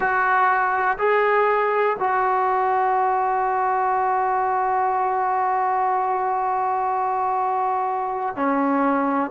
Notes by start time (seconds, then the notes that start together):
0.00 F#4
0.98 G#4
1.99 F#4
8.36 C#4